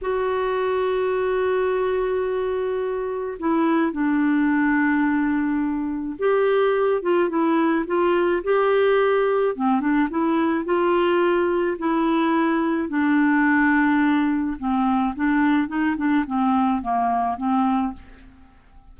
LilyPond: \new Staff \with { instrumentName = "clarinet" } { \time 4/4 \tempo 4 = 107 fis'1~ | fis'2 e'4 d'4~ | d'2. g'4~ | g'8 f'8 e'4 f'4 g'4~ |
g'4 c'8 d'8 e'4 f'4~ | f'4 e'2 d'4~ | d'2 c'4 d'4 | dis'8 d'8 c'4 ais4 c'4 | }